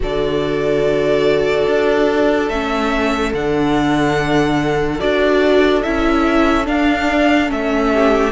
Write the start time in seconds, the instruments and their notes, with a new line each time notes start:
0.00 cello D3, viola F#4, violin A4 D5
1.66 cello D4
2.49 cello A3, viola C#4, violin E5
3.33 cello D3, viola D4, violin F#5
4.99 cello D4, viola F#4, violin D5
5.82 cello C#4, viola E4, violin E5
6.64 viola D4, cello D4, violin F5
7.47 cello A3, viola C#4, violin E5
7.93 violin G4